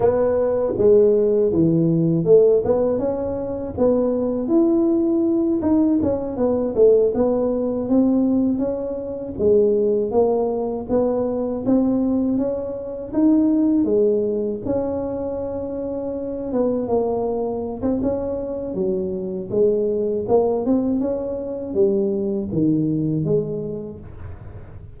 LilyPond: \new Staff \with { instrumentName = "tuba" } { \time 4/4 \tempo 4 = 80 b4 gis4 e4 a8 b8 | cis'4 b4 e'4. dis'8 | cis'8 b8 a8 b4 c'4 cis'8~ | cis'8 gis4 ais4 b4 c'8~ |
c'8 cis'4 dis'4 gis4 cis'8~ | cis'2 b8 ais4~ ais16 c'16 | cis'4 fis4 gis4 ais8 c'8 | cis'4 g4 dis4 gis4 | }